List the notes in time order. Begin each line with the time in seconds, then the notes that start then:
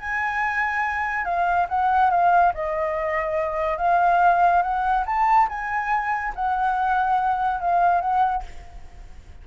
0.00 G#5
1.25 F5
1.69 F#5
2.11 F5
2.54 D#5
3.78 F5
4.62 F#5
5.06 A5
5.49 G#5
6.35 F#5
7.61 F5
8.01 F#5